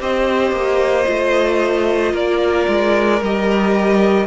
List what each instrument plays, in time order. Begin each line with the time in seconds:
0.00 cello C4, viola G4, violin C5 D#5
0.52 cello A#3
1.05 cello A3, viola F4
2.13 cello A#3, violin A#4 D5
2.68 cello G#3
3.22 cello G3, viola G4, violin D#5